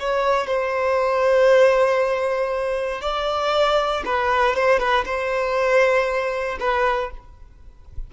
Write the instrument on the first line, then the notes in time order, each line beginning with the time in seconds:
violin
0.00 C#5
0.47 C5
3.02 D5
4.06 B4
4.56 C5
4.80 B4
5.06 C5
6.60 B4